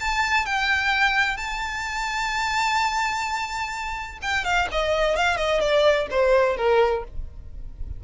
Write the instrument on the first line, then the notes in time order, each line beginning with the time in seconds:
violin
0.00 A5
0.46 G5
1.37 A5
4.22 G5
4.45 F5
4.72 D#5
5.16 F5
5.37 D#5
5.61 D5
6.10 C5
6.57 A#4